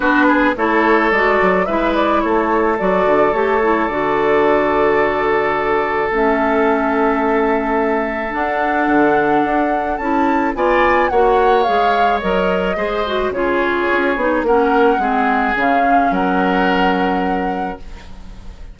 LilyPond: <<
  \new Staff \with { instrumentName = "flute" } { \time 4/4 \tempo 4 = 108 b'4 cis''4 d''4 e''8 d''8 | cis''4 d''4 cis''4 d''4~ | d''2. e''4~ | e''2. fis''4~ |
fis''2 a''4 gis''4 | fis''4 f''4 dis''2 | cis''2 fis''2 | f''4 fis''2. | }
  \new Staff \with { instrumentName = "oboe" } { \time 4/4 fis'8 gis'8 a'2 b'4 | a'1~ | a'1~ | a'1~ |
a'2. d''4 | cis''2. c''4 | gis'2 ais'4 gis'4~ | gis'4 ais'2. | }
  \new Staff \with { instrumentName = "clarinet" } { \time 4/4 d'4 e'4 fis'4 e'4~ | e'4 fis'4 g'8 e'8 fis'4~ | fis'2. cis'4~ | cis'2. d'4~ |
d'2 e'4 f'4 | fis'4 gis'4 ais'4 gis'8 fis'8 | f'4. dis'8 cis'4 c'4 | cis'1 | }
  \new Staff \with { instrumentName = "bassoon" } { \time 4/4 b4 a4 gis8 fis8 gis4 | a4 fis8 d8 a4 d4~ | d2. a4~ | a2. d'4 |
d4 d'4 cis'4 b4 | ais4 gis4 fis4 gis4 | cis4 cis'8 b8 ais4 gis4 | cis4 fis2. | }
>>